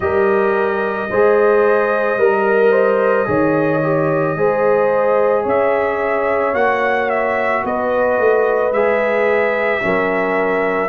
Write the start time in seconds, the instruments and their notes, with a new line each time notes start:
0.00 tuba G3, trombone G4, horn A#4, trumpet D#5
1.10 tuba G#3, trombone G#4, horn C5
2.17 tuba G3, trombone A#4, horn A#4
2.71 horn C5
3.25 tuba D#3, trombone G#4, horn C#5
3.82 trombone G4
4.36 tuba G#3, trombone G#4, horn C5
5.43 tuba C#4, horn C#5, trumpet E5
6.54 tuba A#3, trombone F#4, trumpet F#5
7.09 trumpet E5
7.64 tuba B3, horn B4, trumpet D#5
8.18 tuba A3
8.72 tuba G#3, trombone G#4, trumpet E5
9.80 tuba F#3, trombone C#4, horn A#4